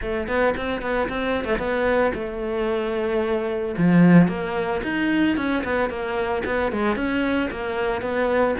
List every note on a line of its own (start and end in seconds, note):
0.01 0.27 A3
0.27 0.54 B3
0.56 0.81 C4
0.81 1.08 B3
1.08 1.44 C4
1.44 1.58 A3
1.58 2.12 B3
2.14 3.75 A3
3.77 4.28 F3
4.28 4.81 A#3
4.83 5.36 D#4
5.36 5.63 C#4
5.64 5.89 B3
5.89 6.43 A#3
6.45 6.72 B3
6.72 6.96 G#3
6.96 7.49 C#4
7.50 8.01 A#3
8.01 8.55 B3